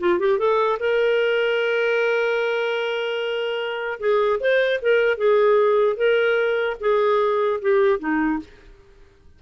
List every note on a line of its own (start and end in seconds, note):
0.00 0.20 F4
0.20 0.39 G4
0.39 0.79 A4
0.80 4.00 A#4
4.00 4.40 G#4
4.40 4.80 C5
4.82 5.18 A#4
5.18 5.97 G#4
5.97 6.77 A#4
6.81 7.61 G#4
7.62 8.00 G4
8.00 8.40 D#4